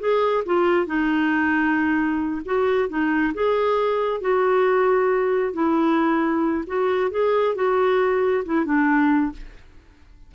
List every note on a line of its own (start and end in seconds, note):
0.00 0.44 G#4
0.46 0.86 F4
0.86 2.42 D#4
2.45 2.89 F#4
2.89 3.34 D#4
3.34 4.21 G#4
4.21 5.54 F#4
5.54 6.65 E4
6.67 7.11 F#4
7.11 7.55 G#4
7.55 8.44 F#4
8.46 8.66 E4
8.66 9.32 D4